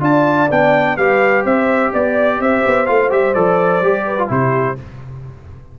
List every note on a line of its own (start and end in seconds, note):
0.00 0.48 D4
0.00 0.48 F4
0.00 0.97 D5
0.00 0.51 A5
0.51 0.97 B3
0.51 0.98 D4
0.51 0.97 G5
0.97 1.45 G3
0.97 2.86 G4
0.97 1.44 B4
0.97 1.44 F5
1.44 1.92 C4
1.44 1.91 C5
1.44 1.93 E5
1.93 2.39 B3
1.93 2.41 D5
2.39 2.63 C4
2.39 4.06 C5
2.39 2.86 E5
2.66 2.88 B3
2.86 3.11 A3
2.86 3.10 F4
2.86 3.10 F5
3.10 3.35 G3
3.10 3.34 G4
3.10 3.34 E5
3.34 3.81 F3
3.34 3.82 A4
3.34 4.29 D5
3.81 4.29 G3
3.81 4.18 G4
4.06 4.29 B4
4.18 4.28 F4
4.28 4.77 C3
4.28 4.75 E4
4.28 4.77 G4
4.28 4.79 C5